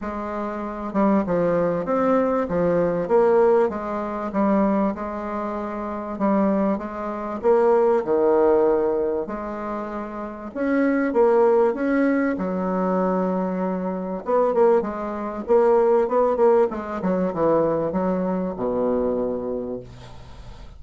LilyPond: \new Staff \with { instrumentName = "bassoon" } { \time 4/4 \tempo 4 = 97 gis4. g8 f4 c'4 | f4 ais4 gis4 g4 | gis2 g4 gis4 | ais4 dis2 gis4~ |
gis4 cis'4 ais4 cis'4 | fis2. b8 ais8 | gis4 ais4 b8 ais8 gis8 fis8 | e4 fis4 b,2 | }